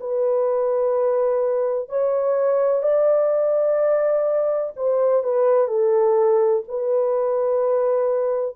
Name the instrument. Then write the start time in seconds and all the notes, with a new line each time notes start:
horn
0.00 B4
1.89 C#5
2.82 D5
4.76 C5
5.23 B4
5.68 A4
6.68 B4